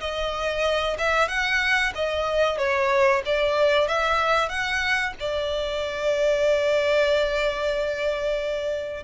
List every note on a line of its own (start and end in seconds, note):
0.00 0.97 D#5
0.98 1.28 E5
1.28 1.93 F#5
1.95 2.58 D#5
2.58 3.22 C#5
3.26 3.88 D5
3.88 4.49 E5
4.49 5.13 F#5
5.20 9.04 D5